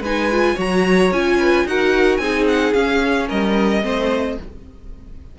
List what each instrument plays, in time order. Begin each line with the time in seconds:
0.00 cello G#3, viola D#4, violin B4 G#5
0.32 viola F4
0.55 cello F#3, viola F#4, violin C#5 A#5
1.12 cello C#4, viola F4, violin G#5
1.39 violin B4
1.65 cello D#4, viola F#4, violin A#4 F#5
2.17 cello C4, viola D#4, violin G#4 G#5
2.48 violin F#5
2.74 cello C#4, viola C#4, violin F5
3.28 cello G3, violin A#4 D#5
3.82 cello A3, viola C4, violin C5